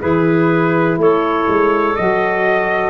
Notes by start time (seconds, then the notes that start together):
0.00 E3 E4 G#4 B4
0.98 A3 A4 C#5
1.48 G#3
1.96 F#3 F#4 D#5